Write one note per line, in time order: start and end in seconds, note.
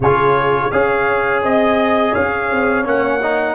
0.00 0.71 C#3
0.00 0.71 F4
0.00 0.73 G#4
0.00 0.71 C#5
0.71 1.43 C#4
0.71 2.84 G#4
0.71 1.43 C#5
0.71 1.42 F5
1.43 2.14 C4
1.43 2.11 D#5
1.43 2.14 D#5
2.11 2.51 C#4
2.11 3.54 C#5
2.11 2.86 F5
2.51 2.86 C4
2.84 3.55 A#3
2.84 3.20 C#4
2.84 3.55 F#5
3.22 3.55 D#4